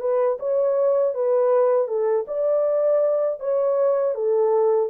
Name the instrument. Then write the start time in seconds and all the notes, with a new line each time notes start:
horn
0.00 B4
0.39 C#5
1.14 B4
1.88 A4
2.27 D5
3.40 C#5
4.14 A4